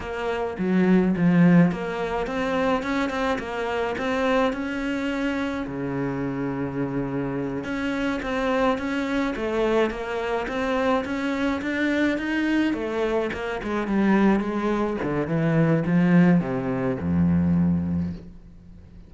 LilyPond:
\new Staff \with { instrumentName = "cello" } { \time 4/4 \tempo 4 = 106 ais4 fis4 f4 ais4 | c'4 cis'8 c'8 ais4 c'4 | cis'2 cis2~ | cis4. cis'4 c'4 cis'8~ |
cis'8 a4 ais4 c'4 cis'8~ | cis'8 d'4 dis'4 a4 ais8 | gis8 g4 gis4 d8 e4 | f4 c4 f,2 | }